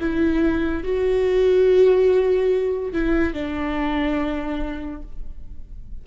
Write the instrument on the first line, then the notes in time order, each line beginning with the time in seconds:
viola
0.00 E4
0.83 F#4
2.93 E4
3.33 D4